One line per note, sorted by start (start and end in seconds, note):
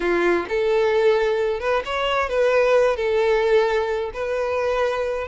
0.00 0.46 F4
0.49 1.59 A4
1.59 1.82 B4
1.85 2.29 C#5
2.29 2.96 B4
2.96 4.11 A4
4.13 5.27 B4